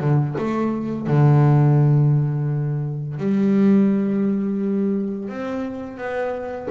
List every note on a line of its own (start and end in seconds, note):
0.00 0.35 D3
0.38 1.07 A3
1.07 3.18 D3
3.18 5.29 G3
5.29 5.98 C4
5.98 6.68 B3